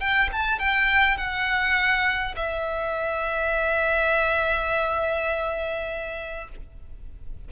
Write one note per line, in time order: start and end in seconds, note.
0.00 0.29 G5
0.32 0.59 A5
0.59 1.18 G5
1.18 2.35 F#5
2.36 6.48 E5